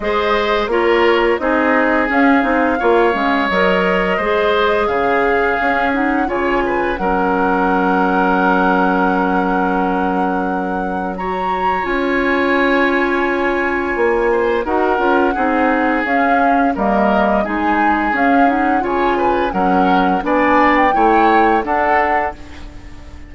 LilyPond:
<<
  \new Staff \with { instrumentName = "flute" } { \time 4/4 \tempo 4 = 86 dis''4 cis''4 dis''4 f''4~ | f''4 dis''2 f''4~ | f''8 fis''8 gis''4 fis''2~ | fis''1 |
ais''4 gis''2.~ | gis''4 fis''2 f''4 | dis''4 gis''4 f''8 fis''8 gis''4 | fis''4 gis''8. g''4~ g''16 fis''4 | }
  \new Staff \with { instrumentName = "oboe" } { \time 4/4 c''4 ais'4 gis'2 | cis''2 c''4 gis'4~ | gis'4 cis''8 b'8 ais'2~ | ais'1 |
cis''1~ | cis''8 c''8 ais'4 gis'2 | ais'4 gis'2 cis''8 b'8 | ais'4 d''4 cis''4 a'4 | }
  \new Staff \with { instrumentName = "clarinet" } { \time 4/4 gis'4 f'4 dis'4 cis'8 dis'8 | f'8 cis'8 ais'4 gis'2 | cis'8 dis'8 f'4 cis'2~ | cis'1 |
fis'4 f'2.~ | f'4 fis'8 f'8 dis'4 cis'4 | ais4 dis'4 cis'8 dis'8 f'4 | cis'4 d'4 e'4 d'4 | }
  \new Staff \with { instrumentName = "bassoon" } { \time 4/4 gis4 ais4 c'4 cis'8 c'8 | ais8 gis8 fis4 gis4 cis4 | cis'4 cis4 fis2~ | fis1~ |
fis4 cis'2. | ais4 dis'8 cis'8 c'4 cis'4 | g4 gis4 cis'4 cis4 | fis4 b4 a4 d'4 | }
>>